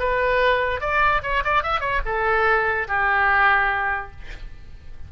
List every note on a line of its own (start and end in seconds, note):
0.00 0.81 B4
0.81 1.22 D5
1.23 1.44 C#5
1.45 1.64 D5
1.64 1.81 E5
1.81 2.01 C#5
2.06 2.88 A4
2.88 4.12 G4